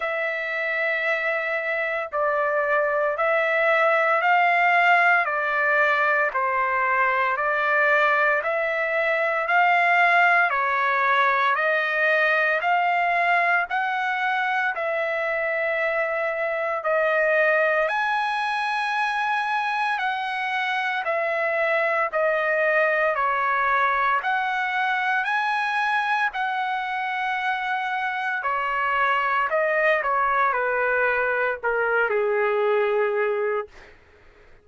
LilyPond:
\new Staff \with { instrumentName = "trumpet" } { \time 4/4 \tempo 4 = 57 e''2 d''4 e''4 | f''4 d''4 c''4 d''4 | e''4 f''4 cis''4 dis''4 | f''4 fis''4 e''2 |
dis''4 gis''2 fis''4 | e''4 dis''4 cis''4 fis''4 | gis''4 fis''2 cis''4 | dis''8 cis''8 b'4 ais'8 gis'4. | }